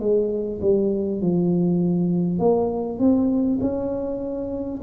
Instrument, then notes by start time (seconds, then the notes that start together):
tuba
0.00 G#3
0.62 G3
1.21 F3
2.39 A#3
2.99 C4
3.61 C#4